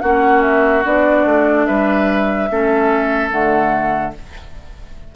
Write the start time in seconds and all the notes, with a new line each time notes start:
0.00 A#3 C#4 F#4 F#5
0.41 E5
0.84 B3 D4 D5
1.25 A3
1.65 G3 B4 E5
2.49 A3 C#4 A4
3.30 D3 A3 F#5